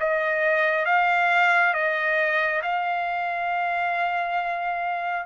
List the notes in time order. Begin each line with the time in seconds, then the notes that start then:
0.00 D#5
0.86 F5
1.74 D#5
2.63 F5